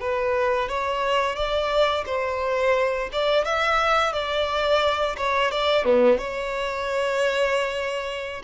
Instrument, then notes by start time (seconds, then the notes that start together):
violin
0.00 B4
0.69 C#5
1.36 D5
2.07 C5
3.13 D5
3.45 E5
4.13 D5
5.17 C#5
5.51 D5
5.85 B3
6.18 C#5